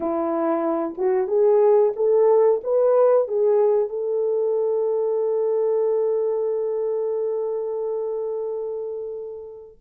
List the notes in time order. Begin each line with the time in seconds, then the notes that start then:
0.00 E4
0.97 F#4
1.27 G#4
1.96 A4
2.63 B4
3.28 G#4
3.89 A4